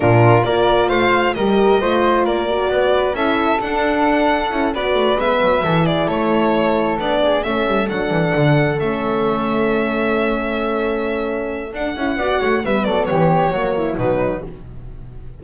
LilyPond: <<
  \new Staff \with { instrumentName = "violin" } { \time 4/4 \tempo 4 = 133 ais'4 d''4 f''4 dis''4~ | dis''4 d''2 e''4 | fis''2~ fis''8 d''4 e''8~ | e''4 d''8 cis''2 d''8~ |
d''8 e''4 fis''2 e''8~ | e''1~ | e''2 fis''2 | e''8 d''8 cis''2 b'4 | }
  \new Staff \with { instrumentName = "flute" } { \time 4/4 f'4 ais'4 c''4 ais'4 | c''4 ais'4 b'4 a'4~ | a'2~ a'8 b'4.~ | b'8 a'8 gis'8 a'2~ a'8 |
gis'8 a'2.~ a'8~ | a'1~ | a'2. d''8 cis''8 | b'8 a'8 g'4 fis'8 e'8 dis'4 | }
  \new Staff \with { instrumentName = "horn" } { \time 4/4 d'4 f'2 g'4 | f'4. fis'4. e'4 | d'2 e'8 fis'4 b8~ | b8 e'2. d'8~ |
d'8 cis'4 d'2 cis'8~ | cis'1~ | cis'2 d'8 e'8 fis'4 | b2 ais4 fis4 | }
  \new Staff \with { instrumentName = "double bass" } { \time 4/4 ais,4 ais4 a4 g4 | a4 ais4 b4 cis'4 | d'2 cis'8 b8 a8 gis8 | fis8 e4 a2 b8~ |
b8 a8 g8 fis8 e8 d4 a8~ | a1~ | a2 d'8 cis'8 b8 a8 | g8 fis8 e4 fis4 b,4 | }
>>